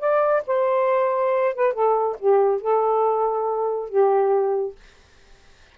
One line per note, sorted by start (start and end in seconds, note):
0.00 0.43 D5
0.47 1.55 C5
1.55 1.74 B4
1.74 2.17 A4
2.20 2.62 G4
2.62 3.90 A4
3.90 4.76 G4